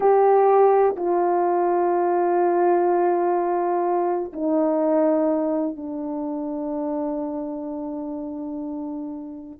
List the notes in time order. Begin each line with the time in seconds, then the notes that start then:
0.00 G4
0.96 F4
4.32 D#4
5.76 D4